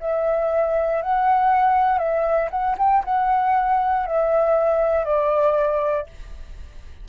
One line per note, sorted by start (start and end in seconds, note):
0.00 1.02 E5
1.02 1.98 F#5
1.98 2.49 E5
2.50 2.76 F#5
2.78 3.03 G5
3.04 4.06 F#5
4.06 5.04 E5
5.04 6.06 D5